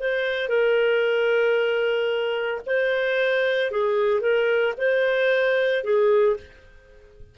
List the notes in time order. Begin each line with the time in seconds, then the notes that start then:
0.00 C5
0.49 A#4
2.66 C5
3.71 G#4
4.21 A#4
4.77 C5
5.84 G#4